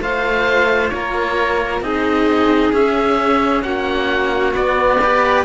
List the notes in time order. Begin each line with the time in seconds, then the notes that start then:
0.00 A3 F4 C5 F5
0.89 A#3 A#4 C#5
1.80 C4 D#4 G#4 D#5
2.73 C#4 E5
3.62 A#3 F#4 F#5
4.53 B3 D5
5.01 G4 B4